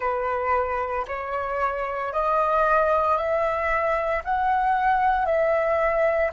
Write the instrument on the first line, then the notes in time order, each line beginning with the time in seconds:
flute
0.00 B4
1.07 C#5
2.12 D#5
3.17 E5
4.24 F#5
5.25 E5